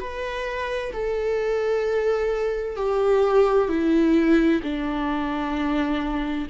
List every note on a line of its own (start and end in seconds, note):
0.00 0.92 B4
0.93 2.76 A4
2.76 3.68 G4
3.68 4.61 E4
4.63 6.47 D4